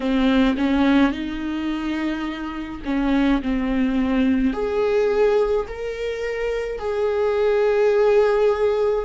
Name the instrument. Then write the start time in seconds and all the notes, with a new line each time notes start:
viola
0.00 C4
0.57 C#4
1.11 D#4
2.85 C#4
3.42 C4
4.53 G#4
5.68 A#4
6.79 G#4